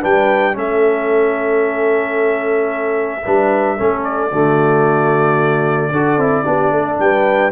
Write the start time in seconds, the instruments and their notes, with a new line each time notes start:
0.00 tuba G3, trombone D4, horn B4, trumpet G5
0.53 tuba A3, trombone C#4, horn A4, trumpet E5
3.25 tuba G3, trombone D4, horn B4
3.77 tuba A3, trombone C#4, horn A4
4.04 trumpet D5
4.31 tuba D3, trombone A3, horn F#4
5.91 tuba D4, trombone F#4, horn A4
6.17 tuba C4, trombone E4
6.45 tuba B3, trombone D4, horn G4
6.72 tuba A3, horn A4
6.99 tuba G3, horn B4, trumpet G5